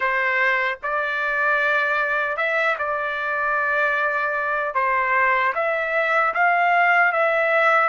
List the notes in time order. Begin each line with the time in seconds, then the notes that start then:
0.00 C5
0.83 D5
2.36 E5
2.78 D5
4.74 C5
5.54 E5
6.34 F5
7.12 E5